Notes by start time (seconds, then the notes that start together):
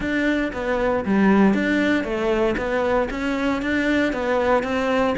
0.00 D4
0.53 B3
1.05 G3
1.54 D4
2.04 A3
2.57 B3
3.10 C#4
3.61 D4
4.12 B3
4.63 C4